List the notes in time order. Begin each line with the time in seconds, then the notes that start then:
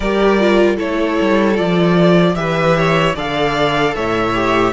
0.00 G3 G4 A#4 D5
0.39 F4
0.76 A3 E4 A4 C#5
1.20 G3
1.54 F3 F4 D5
2.35 E3 G4 B4 E5
2.77 C#5
3.15 D3 A4 D5 F5
3.94 A2 C#5 E5
4.34 G4